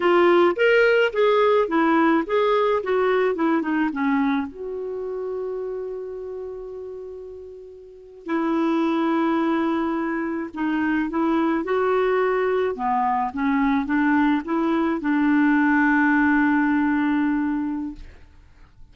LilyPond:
\new Staff \with { instrumentName = "clarinet" } { \time 4/4 \tempo 4 = 107 f'4 ais'4 gis'4 e'4 | gis'4 fis'4 e'8 dis'8 cis'4 | fis'1~ | fis'2~ fis'8. e'4~ e'16~ |
e'2~ e'8. dis'4 e'16~ | e'8. fis'2 b4 cis'16~ | cis'8. d'4 e'4 d'4~ d'16~ | d'1 | }